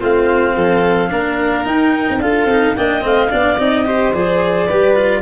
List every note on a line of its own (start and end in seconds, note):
0.00 0.56 A3
0.00 1.09 C4
0.00 0.55 F4
0.00 1.67 F5
0.55 1.11 F3
0.55 1.10 A4
1.09 1.65 A#3
1.09 1.64 D4
1.09 2.22 A#4
1.64 2.19 D#4
1.64 2.06 D#4
1.64 2.21 G5
2.09 2.19 C4
2.19 2.45 D4
2.19 2.49 F4
2.19 2.77 A4
2.19 2.76 F5
2.45 2.72 C4
2.45 2.77 D#4
2.76 3.04 A#3
2.76 3.01 D4
2.76 3.31 D#5
2.76 3.03 G5
3.01 3.32 A3
3.01 3.29 C4
3.01 3.60 F5
3.30 3.58 B3
3.30 3.57 D4
3.30 3.86 D5
3.58 4.13 C4
3.58 3.85 D#4
3.58 4.13 D#5
3.85 4.12 G4
3.85 4.67 C5
4.13 4.69 F3
4.13 4.68 G#4
4.13 5.21 D5
4.67 5.21 G3
4.67 4.96 G4
4.67 5.21 B4
4.96 5.21 F4